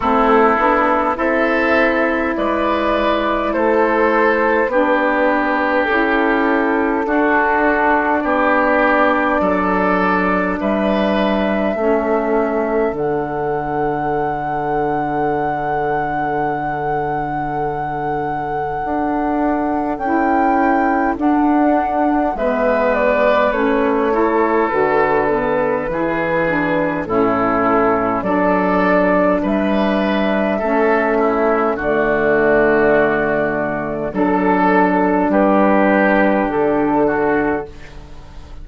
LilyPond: <<
  \new Staff \with { instrumentName = "flute" } { \time 4/4 \tempo 4 = 51 a'4 e''4 d''4 c''4 | b'4 a'2 d''4~ | d''4 e''2 fis''4~ | fis''1~ |
fis''4 g''4 fis''4 e''8 d''8 | cis''4 b'2 a'4 | d''4 e''2 d''4~ | d''4 a'4 b'4 a'4 | }
  \new Staff \with { instrumentName = "oboe" } { \time 4/4 e'4 a'4 b'4 a'4 | g'2 fis'4 g'4 | a'4 b'4 a'2~ | a'1~ |
a'2. b'4~ | b'8 a'4. gis'4 e'4 | a'4 b'4 a'8 e'8 fis'4~ | fis'4 a'4 g'4. fis'8 | }
  \new Staff \with { instrumentName = "saxophone" } { \time 4/4 c'8 d'8 e'2. | d'4 e'4 d'2~ | d'2 cis'4 d'4~ | d'1~ |
d'4 e'4 d'4 b4 | cis'8 e'8 fis'8 b8 e'8 d'8 cis'4 | d'2 cis'4 a4~ | a4 d'2. | }
  \new Staff \with { instrumentName = "bassoon" } { \time 4/4 a8 b8 c'4 gis4 a4 | b4 cis'4 d'4 b4 | fis4 g4 a4 d4~ | d1 |
d'4 cis'4 d'4 gis4 | a4 d4 e4 a,4 | fis4 g4 a4 d4~ | d4 fis4 g4 d4 | }
>>